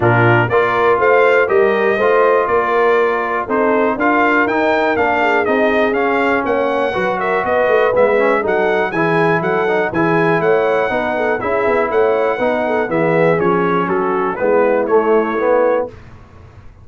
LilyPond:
<<
  \new Staff \with { instrumentName = "trumpet" } { \time 4/4 \tempo 4 = 121 ais'4 d''4 f''4 dis''4~ | dis''4 d''2 c''4 | f''4 g''4 f''4 dis''4 | f''4 fis''4. e''8 dis''4 |
e''4 fis''4 gis''4 fis''4 | gis''4 fis''2 e''4 | fis''2 e''4 cis''4 | a'4 b'4 cis''2 | }
  \new Staff \with { instrumentName = "horn" } { \time 4/4 f'4 ais'4 c''4 ais'4 | c''4 ais'2 a'4 | ais'2~ ais'8 gis'4.~ | gis'4 cis''4 b'8 ais'8 b'4~ |
b'4 a'4 gis'4 a'4 | gis'4 cis''4 b'8 a'8 gis'4 | cis''4 b'8 a'8 gis'2 | fis'4 e'2. | }
  \new Staff \with { instrumentName = "trombone" } { \time 4/4 d'4 f'2 g'4 | f'2. dis'4 | f'4 dis'4 d'4 dis'4 | cis'2 fis'2 |
b8 cis'8 dis'4 e'4. dis'8 | e'2 dis'4 e'4~ | e'4 dis'4 b4 cis'4~ | cis'4 b4 a4 b4 | }
  \new Staff \with { instrumentName = "tuba" } { \time 4/4 ais,4 ais4 a4 g4 | a4 ais2 c'4 | d'4 dis'4 ais4 c'4 | cis'4 ais4 fis4 b8 a8 |
gis4 fis4 e4 fis4 | e4 a4 b4 cis'8 b8 | a4 b4 e4 f4 | fis4 gis4 a2 | }
>>